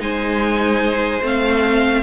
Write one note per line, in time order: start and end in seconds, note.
0.00 1.22 G#3
0.00 1.22 D#4
0.00 2.03 C5
0.00 1.23 G#5
1.22 2.03 A3
1.22 2.03 C4
1.22 2.03 F5